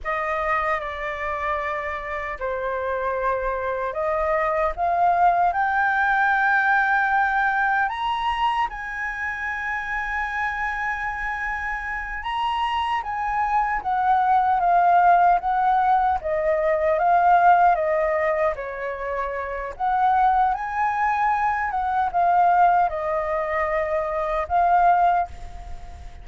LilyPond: \new Staff \with { instrumentName = "flute" } { \time 4/4 \tempo 4 = 76 dis''4 d''2 c''4~ | c''4 dis''4 f''4 g''4~ | g''2 ais''4 gis''4~ | gis''2.~ gis''8 ais''8~ |
ais''8 gis''4 fis''4 f''4 fis''8~ | fis''8 dis''4 f''4 dis''4 cis''8~ | cis''4 fis''4 gis''4. fis''8 | f''4 dis''2 f''4 | }